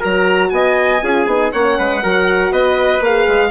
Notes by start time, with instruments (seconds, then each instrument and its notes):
0.00 bassoon F#3, horn F#4, trumpet A#4, violin A#5
0.49 bassoon B3, trumpet D#5, violin G#5
1.02 bassoon C#4, horn F4, trumpet G#4
1.26 bassoon B3, horn D#4
1.52 bassoon A#3, horn C#4, trumpet C#5, violin F#5
1.78 bassoon G#3, trumpet B4
2.02 bassoon F#3, horn F#4, trumpet A#4
2.51 bassoon B3, trumpet B4, violin D#5
3.00 bassoon A#3, horn G#4, violin F5
3.27 bassoon G#3